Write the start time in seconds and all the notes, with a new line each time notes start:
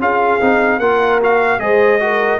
0.00 C#4 F4 G#4 F5
0.41 C4 D#4
0.79 A#3 F4 A#4 F#5
1.22 F#4 F5
1.59 G#3 G#4 C5 D#5
2.00 F#4 A#4